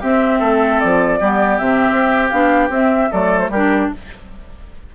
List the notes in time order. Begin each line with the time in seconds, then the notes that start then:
0.00 C4 G4 E5
0.39 A3 A4
0.80 F3 D5
1.20 G3 B3 G4
1.58 C3 C4 E5
1.92 C4
2.29 B3 D4 F5
2.69 C4 E5
3.11 F#3 A3 A4 D5
3.39 C5
3.49 G3 G4 A#4
3.55 D4